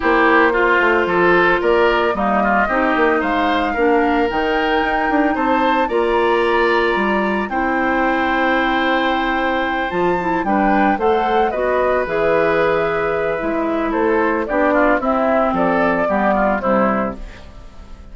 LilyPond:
<<
  \new Staff \with { instrumentName = "flute" } { \time 4/4 \tempo 4 = 112 c''2. d''4 | dis''2 f''2 | g''2 a''4 ais''4~ | ais''2 g''2~ |
g''2~ g''8 a''4 g''8~ | g''8 fis''4 dis''4 e''4.~ | e''2 c''4 d''4 | e''4 d''2 c''4 | }
  \new Staff \with { instrumentName = "oboe" } { \time 4/4 g'4 f'4 a'4 ais'4 | dis'8 f'8 g'4 c''4 ais'4~ | ais'2 c''4 d''4~ | d''2 c''2~ |
c''2.~ c''8 b'8~ | b'8 c''4 b'2~ b'8~ | b'2 a'4 g'8 f'8 | e'4 a'4 g'8 f'8 e'4 | }
  \new Staff \with { instrumentName = "clarinet" } { \time 4/4 e'4 f'2. | ais4 dis'2 d'4 | dis'2. f'4~ | f'2 e'2~ |
e'2~ e'8 f'8 e'8 d'8~ | d'8 a'4 fis'4 gis'4.~ | gis'4 e'2 d'4 | c'2 b4 g4 | }
  \new Staff \with { instrumentName = "bassoon" } { \time 4/4 ais4. a8 f4 ais4 | g4 c'8 ais8 gis4 ais4 | dis4 dis'8 d'8 c'4 ais4~ | ais4 g4 c'2~ |
c'2~ c'8 f4 g8~ | g8 a4 b4 e4.~ | e4 gis4 a4 b4 | c'4 f4 g4 c4 | }
>>